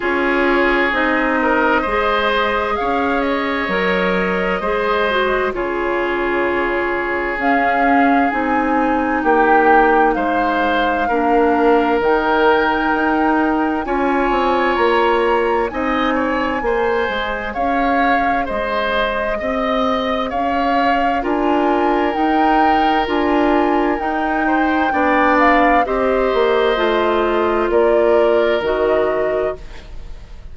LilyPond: <<
  \new Staff \with { instrumentName = "flute" } { \time 4/4 \tempo 4 = 65 cis''4 dis''2 f''8 dis''8~ | dis''2 cis''2 | f''4 gis''4 g''4 f''4~ | f''4 g''2 gis''4 |
ais''4 gis''2 f''4 | dis''2 f''4 gis''4 | g''4 gis''4 g''4. f''8 | dis''2 d''4 dis''4 | }
  \new Staff \with { instrumentName = "oboe" } { \time 4/4 gis'4. ais'8 c''4 cis''4~ | cis''4 c''4 gis'2~ | gis'2 g'4 c''4 | ais'2. cis''4~ |
cis''4 dis''8 cis''8 c''4 cis''4 | c''4 dis''4 cis''4 ais'4~ | ais'2~ ais'8 c''8 d''4 | c''2 ais'2 | }
  \new Staff \with { instrumentName = "clarinet" } { \time 4/4 f'4 dis'4 gis'2 | ais'4 gis'8 fis'8 f'2 | cis'4 dis'2. | d'4 dis'2 f'4~ |
f'4 dis'4 gis'2~ | gis'2. f'4 | dis'4 f'4 dis'4 d'4 | g'4 f'2 fis'4 | }
  \new Staff \with { instrumentName = "bassoon" } { \time 4/4 cis'4 c'4 gis4 cis'4 | fis4 gis4 cis2 | cis'4 c'4 ais4 gis4 | ais4 dis4 dis'4 cis'8 c'8 |
ais4 c'4 ais8 gis8 cis'4 | gis4 c'4 cis'4 d'4 | dis'4 d'4 dis'4 b4 | c'8 ais8 a4 ais4 dis4 | }
>>